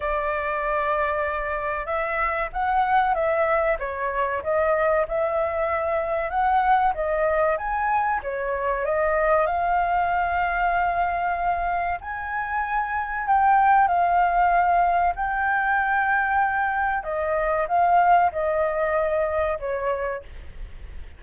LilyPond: \new Staff \with { instrumentName = "flute" } { \time 4/4 \tempo 4 = 95 d''2. e''4 | fis''4 e''4 cis''4 dis''4 | e''2 fis''4 dis''4 | gis''4 cis''4 dis''4 f''4~ |
f''2. gis''4~ | gis''4 g''4 f''2 | g''2. dis''4 | f''4 dis''2 cis''4 | }